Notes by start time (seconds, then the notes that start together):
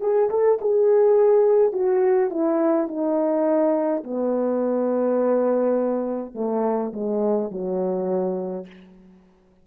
0.00 G#4
0.29 A4
0.61 G#4
1.72 F#4
2.30 E4
2.87 D#4
4.03 B3
6.34 A3
6.93 G#3
7.51 F#3